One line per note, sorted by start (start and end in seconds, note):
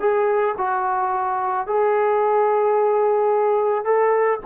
0.00 0.55 G#4
0.57 1.67 F#4
1.67 3.84 G#4
3.84 4.39 A4